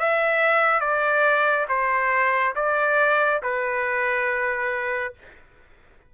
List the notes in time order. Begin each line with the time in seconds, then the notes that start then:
0.00 E5
0.81 D5
1.69 C5
2.56 D5
3.43 B4